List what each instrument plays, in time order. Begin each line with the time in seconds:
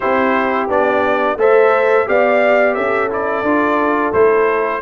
0.00 tuba C4, trombone E4, horn G4, trumpet C5
0.69 tuba B3, trombone D4, trumpet D5
1.36 tuba A3, trombone A4, horn C5, trumpet E5
2.06 tuba B3, trombone G4, horn D5, trumpet F5
2.74 tuba C#4, horn A4, trumpet E5
3.10 trombone E4, trumpet D5
3.42 tuba D4, trombone F4
4.12 tuba A3, trombone E4, trumpet C5